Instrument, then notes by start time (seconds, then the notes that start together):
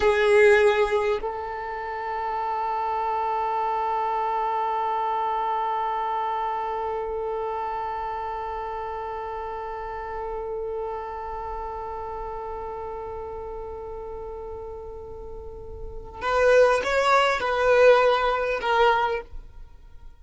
violin
0.00 G#4
1.21 A4
16.21 B4
16.83 C#5
17.40 B4
18.61 A#4